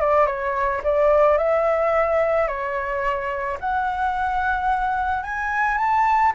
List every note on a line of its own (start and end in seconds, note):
0.00 0.27 D5
0.27 0.82 C#5
0.84 1.38 D5
1.38 2.48 E5
2.48 3.58 C#5
3.60 5.23 F#5
5.23 5.78 G#5
5.78 6.33 A5